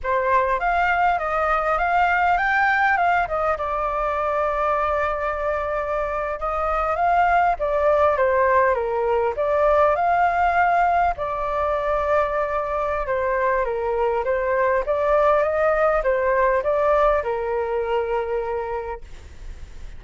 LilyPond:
\new Staff \with { instrumentName = "flute" } { \time 4/4 \tempo 4 = 101 c''4 f''4 dis''4 f''4 | g''4 f''8 dis''8 d''2~ | d''2~ d''8. dis''4 f''16~ | f''8. d''4 c''4 ais'4 d''16~ |
d''8. f''2 d''4~ d''16~ | d''2 c''4 ais'4 | c''4 d''4 dis''4 c''4 | d''4 ais'2. | }